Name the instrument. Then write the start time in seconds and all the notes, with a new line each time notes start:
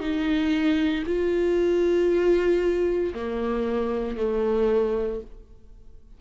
viola
0.00 D#4
1.06 F4
3.14 A#3
4.17 A3